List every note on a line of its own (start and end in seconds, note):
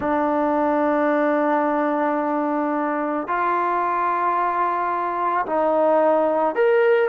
0.00 3.27 D4
3.27 5.45 F4
5.45 6.55 D#4
6.55 7.09 A#4